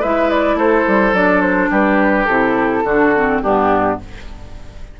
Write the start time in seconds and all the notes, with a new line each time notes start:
0.00 G#3 E4 B4 E5
0.30 D5
0.55 A3 A4 C5
0.87 G3
1.13 F#3 D4 D5
1.41 C5
1.70 G3 G4 B4
2.25 C3 E4 A4
2.84 D3 D4 F#4
3.15 C4
3.42 G2 B3 D4 G4